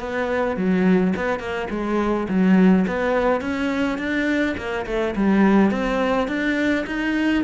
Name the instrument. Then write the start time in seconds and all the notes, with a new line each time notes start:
cello
0.00 B3
0.57 F#3
1.16 B3
1.40 A#3
1.71 G#3
2.29 F#3
2.88 B3
3.41 C#4
3.98 D4
4.57 A#3
4.86 A3
5.16 G3
5.71 C4
6.28 D4
6.87 D#4